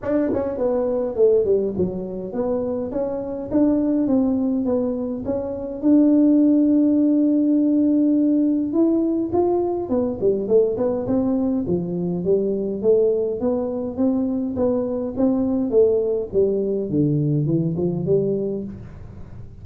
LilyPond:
\new Staff \with { instrumentName = "tuba" } { \time 4/4 \tempo 4 = 103 d'8 cis'8 b4 a8 g8 fis4 | b4 cis'4 d'4 c'4 | b4 cis'4 d'2~ | d'2. e'4 |
f'4 b8 g8 a8 b8 c'4 | f4 g4 a4 b4 | c'4 b4 c'4 a4 | g4 d4 e8 f8 g4 | }